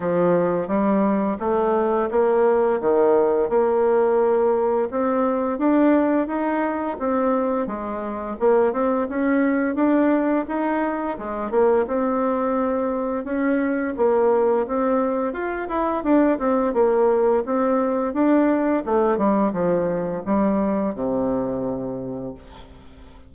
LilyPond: \new Staff \with { instrumentName = "bassoon" } { \time 4/4 \tempo 4 = 86 f4 g4 a4 ais4 | dis4 ais2 c'4 | d'4 dis'4 c'4 gis4 | ais8 c'8 cis'4 d'4 dis'4 |
gis8 ais8 c'2 cis'4 | ais4 c'4 f'8 e'8 d'8 c'8 | ais4 c'4 d'4 a8 g8 | f4 g4 c2 | }